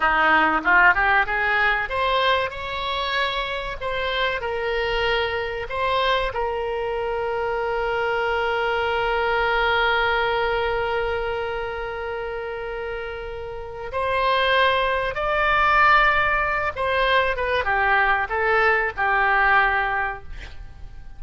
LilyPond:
\new Staff \with { instrumentName = "oboe" } { \time 4/4 \tempo 4 = 95 dis'4 f'8 g'8 gis'4 c''4 | cis''2 c''4 ais'4~ | ais'4 c''4 ais'2~ | ais'1~ |
ais'1~ | ais'2 c''2 | d''2~ d''8 c''4 b'8 | g'4 a'4 g'2 | }